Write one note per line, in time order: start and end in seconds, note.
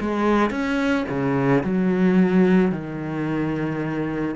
0.00 0.50 G#3
0.50 1.05 C#4
1.08 1.63 C#3
1.63 2.71 F#3
2.71 4.35 D#3